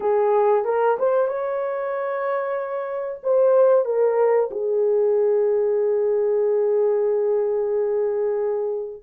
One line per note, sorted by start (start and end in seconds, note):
0.00 0.65 G#4
0.65 0.97 A#4
0.99 1.27 C5
1.27 3.21 C#5
3.23 3.85 C5
3.85 4.49 A#4
4.50 9.02 G#4